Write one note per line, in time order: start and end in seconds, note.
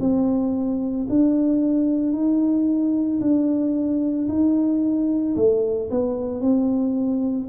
0.00 1.07 C4
1.09 2.13 D4
2.13 3.20 D#4
3.20 4.28 D4
4.28 5.35 D#4
5.36 5.89 A3
5.90 6.41 B3
6.41 7.48 C4